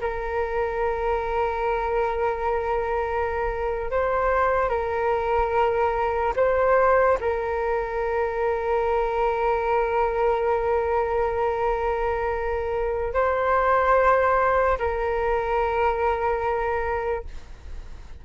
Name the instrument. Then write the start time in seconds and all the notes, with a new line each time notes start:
flute
0.00 A#4
3.90 C5
4.69 A#4
6.35 C5
7.20 A#4
13.13 C5
14.78 A#4